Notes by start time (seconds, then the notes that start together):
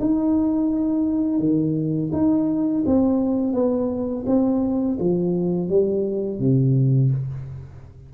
0.00 D#4
1.39 D#3
2.12 D#4
2.86 C4
3.53 B3
4.26 C4
5.00 F3
5.69 G3
6.39 C3